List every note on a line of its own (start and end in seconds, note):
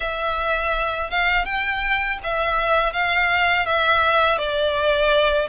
0.00 1.10 E5
1.10 1.45 F5
1.45 2.18 G5
2.23 2.92 E5
2.92 3.65 F5
3.65 4.38 E5
4.38 5.47 D5